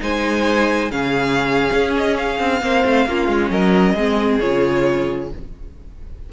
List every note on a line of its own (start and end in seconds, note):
0.00 0.91 G#3
0.00 0.90 D#4
0.00 0.91 C5
0.00 0.91 G#5
0.91 1.69 C#3
0.91 2.60 C#4
0.91 2.61 G#4
0.91 1.93 F5
1.73 2.40 C#4
1.97 2.17 D#5
2.17 3.51 F5
2.40 2.61 C4
2.61 2.84 A#3
2.61 3.06 C4
2.61 3.08 C5
2.85 3.06 A3
3.06 3.28 A#3
3.06 3.97 C#4
3.06 3.51 F4
3.28 3.50 G#3
3.50 3.95 F#3
3.50 3.95 A#4
3.50 4.40 D#5
3.95 4.40 G#3
3.95 4.41 C4
3.95 5.30 G#4
4.40 5.33 C#3
4.40 5.31 F4
4.40 5.30 C#5